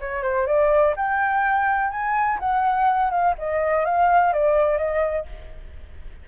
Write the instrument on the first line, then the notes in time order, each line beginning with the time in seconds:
flute
0.00 C#5
0.23 C5
0.47 D5
0.96 G5
1.91 G#5
2.39 F#5
3.10 F5
3.38 D#5
3.85 F5
4.33 D5
4.78 D#5